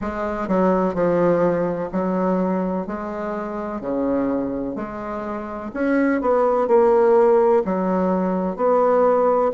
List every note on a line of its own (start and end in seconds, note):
0.01 0.48 G#3
0.48 0.94 F#3
0.94 1.89 F3
1.91 2.87 F#3
2.87 3.81 G#3
3.81 4.75 C#3
4.75 5.71 G#3
5.73 6.21 C#4
6.21 6.67 B3
6.67 7.62 A#3
7.65 8.56 F#3
8.56 9.51 B3